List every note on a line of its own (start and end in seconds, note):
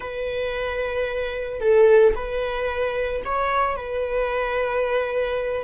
0.00 1.60 B4
1.60 2.14 A4
2.15 3.22 B4
3.24 3.76 C#5
3.76 5.63 B4